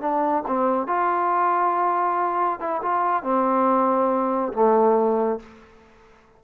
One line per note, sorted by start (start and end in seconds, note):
0.00 0.43 D4
0.47 0.87 C4
0.87 2.60 F4
2.60 2.81 E4
2.82 3.23 F4
3.23 4.53 C4
4.53 5.39 A3